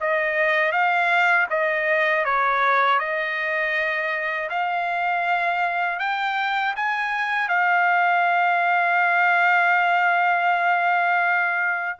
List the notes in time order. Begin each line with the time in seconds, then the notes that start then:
0.00 D#5
0.72 F5
1.50 D#5
2.24 C#5
2.99 D#5
4.49 F5
5.99 G5
6.75 G#5
7.48 F5